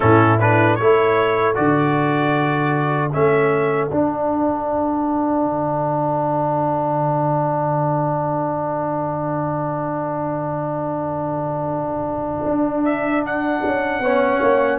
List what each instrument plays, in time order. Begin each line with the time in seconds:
0.00 tuba A2, trombone C#4, horn E4, trumpet A4
0.39 trombone D4, trumpet B4
0.75 tuba A3, trombone E4, horn A4, trumpet C#5
1.54 tuba D3, trombone F#4, trumpet D5
3.12 tuba A3, trombone C#4, trumpet E5
3.88 tuba D4, trombone D4, trumpet F#5
5.44 tuba D3
12.44 tuba D4
12.84 trumpet E5
13.25 trumpet F#5
13.64 tuba C#4
13.99 tuba B3, trombone C#4, horn C#5
14.41 tuba A#3